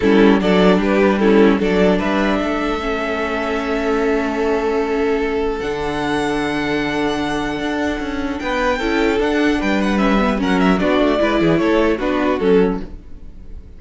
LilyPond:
<<
  \new Staff \with { instrumentName = "violin" } { \time 4/4 \tempo 4 = 150 a'4 d''4 b'4 a'4 | d''4 e''2.~ | e''1~ | e''2 fis''2~ |
fis''1~ | fis''4 g''2 fis''4 | g''8 fis''8 e''4 fis''8 e''8 d''4~ | d''4 cis''4 b'4 a'4 | }
  \new Staff \with { instrumentName = "violin" } { \time 4/4 e'4 a'4 g'4 e'4 | a'4 b'4 a'2~ | a'1~ | a'1~ |
a'1~ | a'4 b'4 a'2 | b'2 ais'4 fis'4 | b'8 gis'8 a'4 fis'2 | }
  \new Staff \with { instrumentName = "viola" } { \time 4/4 cis'4 d'2 cis'4 | d'2. cis'4~ | cis'1~ | cis'2 d'2~ |
d'1~ | d'2 e'4 d'4~ | d'4 cis'8 b8 cis'4 d'4 | e'2 d'4 cis'4 | }
  \new Staff \with { instrumentName = "cello" } { \time 4/4 g4 fis4 g2 | fis4 g4 a2~ | a1~ | a2 d2~ |
d2. d'4 | cis'4 b4 cis'4 d'4 | g2 fis4 b8 a8 | gis8 e8 a4 b4 fis4 | }
>>